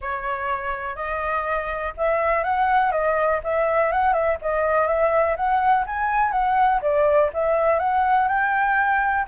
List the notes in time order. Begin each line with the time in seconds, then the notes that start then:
0.01 C#5
0.95 D#5
1.97 E5
2.43 F#5
2.91 D#5
3.43 E5
3.92 F#5
4.13 E5
4.41 D#5
4.87 E5
5.36 F#5
5.86 G#5
6.31 F#5
6.81 D5
7.33 E5
7.79 F#5
8.27 G5